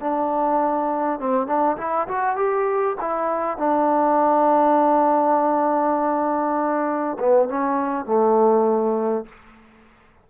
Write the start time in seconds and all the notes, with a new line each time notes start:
0.00 D4
1.19 C4
1.46 D4
1.77 E4
2.08 F#4
2.36 G4
3.01 E4
3.57 D4
7.19 B3
7.48 C#4
8.05 A3